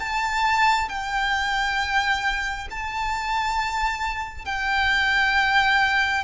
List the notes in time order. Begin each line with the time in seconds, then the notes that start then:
0.00 A5
0.89 G5
2.71 A5
4.46 G5